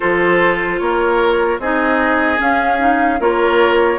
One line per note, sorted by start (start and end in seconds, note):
0.00 0.80 F3
0.00 1.60 F4
0.00 0.80 A4
0.00 0.79 C5
0.79 1.59 A#3
0.79 1.61 A#4
0.79 1.59 C#5
1.59 2.39 C4
1.59 2.37 D#4
1.59 3.20 G#4
1.59 2.40 D#5
2.37 2.77 C#4
2.37 3.20 C#4
2.37 3.21 F5
2.78 3.18 D#4
3.20 3.99 A#3
3.20 3.99 F4
3.20 3.99 A#4
3.20 3.99 C#5